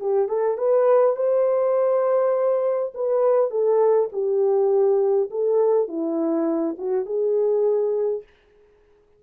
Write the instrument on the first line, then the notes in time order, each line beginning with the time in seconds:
horn
0.00 G4
0.28 A4
0.58 B4
1.16 C5
2.94 B4
3.50 A4
4.12 G4
5.30 A4
5.88 E4
6.78 F#4
7.06 G#4